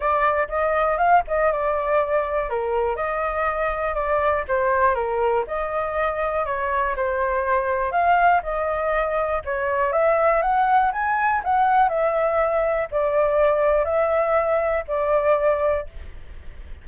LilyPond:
\new Staff \with { instrumentName = "flute" } { \time 4/4 \tempo 4 = 121 d''4 dis''4 f''8 dis''8 d''4~ | d''4 ais'4 dis''2 | d''4 c''4 ais'4 dis''4~ | dis''4 cis''4 c''2 |
f''4 dis''2 cis''4 | e''4 fis''4 gis''4 fis''4 | e''2 d''2 | e''2 d''2 | }